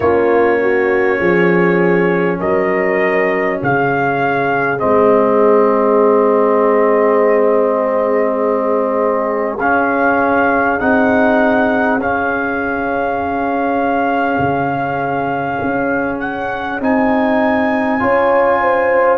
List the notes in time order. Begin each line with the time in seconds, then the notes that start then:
0.00 A#3 C#4 F4 C#5
0.60 F#4
1.18 F3 G#4
2.39 F#3 A#4 D#5
3.60 C#3 G#4 F5
4.78 C4 D#5
4.84 G#3
9.59 C#4 F5
10.79 C4 D#4 F#5
11.97 C#4 F5
14.38 C#3
15.61 C#4
16.20 F#5
16.80 C4 D#4 G#5
17.99 C#4 F4 C#5
18.61 C5